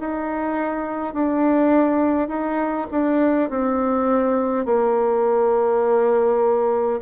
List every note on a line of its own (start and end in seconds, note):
0.00 1.14 D#4
1.14 2.28 D4
2.28 2.87 D#4
2.91 3.50 D4
3.50 4.65 C4
4.65 7.01 A#3